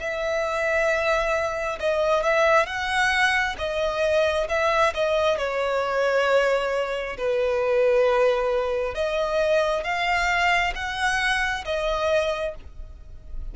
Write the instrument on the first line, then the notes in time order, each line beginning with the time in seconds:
violin
0.00 E5
1.80 D#5
2.23 E5
2.67 F#5
3.59 D#5
4.49 E5
4.95 D#5
5.38 C#5
7.18 B4
8.95 D#5
9.84 F5
10.75 F#5
11.65 D#5